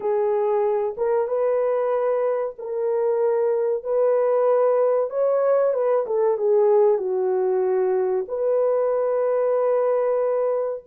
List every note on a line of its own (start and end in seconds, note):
0.00 0.95 G#4
0.97 1.27 A#4
1.27 2.55 B4
2.58 3.83 A#4
3.83 5.09 B4
5.09 5.73 C#5
5.73 6.05 B4
6.06 6.37 A4
6.37 6.97 G#4
6.97 8.25 F#4
8.28 10.83 B4